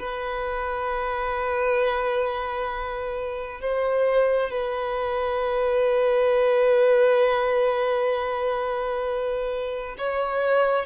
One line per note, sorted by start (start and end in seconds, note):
0.00 3.61 B4
3.61 4.51 C5
4.51 9.96 B4
9.98 10.86 C#5